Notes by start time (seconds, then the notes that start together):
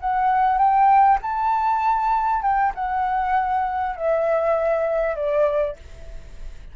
0.00 F#5
0.58 G5
1.22 A5
2.42 G5
2.75 F#5
3.96 E5
5.15 D5